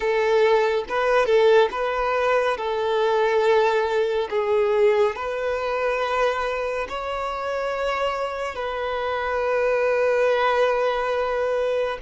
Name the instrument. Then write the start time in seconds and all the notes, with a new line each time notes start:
violin
0.00 A4
0.88 B4
1.26 A4
1.71 B4
2.57 A4
4.29 G#4
5.15 B4
6.88 C#5
8.55 B4